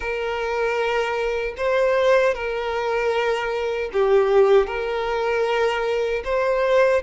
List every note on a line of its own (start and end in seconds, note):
0.00 1.54 A#4
1.57 2.34 C5
2.34 3.90 A#4
3.92 4.66 G4
4.66 6.22 A#4
6.24 7.02 C5